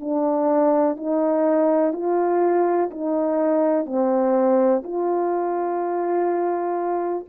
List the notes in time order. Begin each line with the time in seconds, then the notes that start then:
0.00 D4
0.97 D#4
1.93 F4
2.90 D#4
3.86 C4
4.83 F4